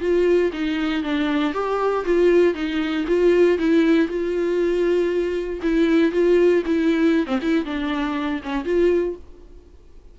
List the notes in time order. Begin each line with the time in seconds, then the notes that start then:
0.00 F4
0.53 D#4
1.03 D4
1.53 G4
2.05 F4
2.54 D#4
3.07 F4
3.58 E4
4.08 F4
5.62 E4
6.12 F4
6.66 E4
7.27 C4
7.42 E4
7.65 D4
8.43 C#4
8.64 F4